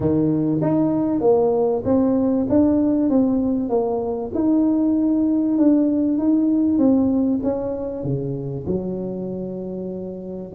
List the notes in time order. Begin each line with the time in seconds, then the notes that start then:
0.00 D#3
0.61 D#4
1.21 A#3
1.84 C4
2.49 D4
3.09 C4
3.69 A#3
4.34 D#4
5.58 D4
6.18 D#4
6.78 C4
7.43 C#4
8.03 C#3
8.66 F#3